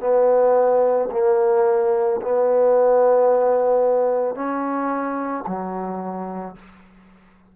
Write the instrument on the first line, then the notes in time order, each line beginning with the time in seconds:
trombone
0.00 B3
1.12 A#3
2.22 B3
4.35 C#4
5.47 F#3